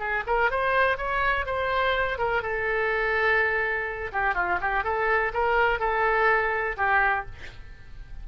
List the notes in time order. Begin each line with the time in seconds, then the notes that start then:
0.00 G#4
0.27 A#4
0.51 C5
0.98 C#5
1.46 C5
2.19 A#4
2.43 A4
4.13 G4
4.35 F4
4.62 G4
4.84 A4
5.34 A#4
5.80 A4
6.77 G4